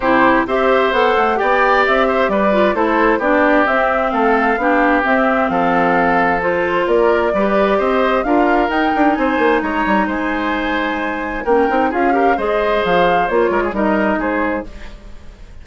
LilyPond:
<<
  \new Staff \with { instrumentName = "flute" } { \time 4/4 \tempo 4 = 131 c''4 e''4 fis''4 g''4 | e''4 d''4 c''4 d''4 | e''4 f''2 e''4 | f''2 c''4 d''4~ |
d''4 dis''4 f''4 g''4 | gis''4 ais''4 gis''2~ | gis''4 g''4 f''4 dis''4 | f''4 cis''4 dis''4 c''4 | }
  \new Staff \with { instrumentName = "oboe" } { \time 4/4 g'4 c''2 d''4~ | d''8 c''8 b'4 a'4 g'4~ | g'4 a'4 g'2 | a'2. ais'4 |
b'4 c''4 ais'2 | c''4 cis''4 c''2~ | c''4 ais'4 gis'8 ais'8 c''4~ | c''4. ais'16 gis'16 ais'4 gis'4 | }
  \new Staff \with { instrumentName = "clarinet" } { \time 4/4 e'4 g'4 a'4 g'4~ | g'4. f'8 e'4 d'4 | c'2 d'4 c'4~ | c'2 f'2 |
g'2 f'4 dis'4~ | dis'1~ | dis'4 cis'8 dis'8 f'8 g'8 gis'4~ | gis'4 f'4 dis'2 | }
  \new Staff \with { instrumentName = "bassoon" } { \time 4/4 c4 c'4 b8 a8 b4 | c'4 g4 a4 b4 | c'4 a4 b4 c'4 | f2. ais4 |
g4 c'4 d'4 dis'8 d'8 | c'8 ais8 gis8 g8 gis2~ | gis4 ais8 c'8 cis'4 gis4 | f4 ais8 gis8 g4 gis4 | }
>>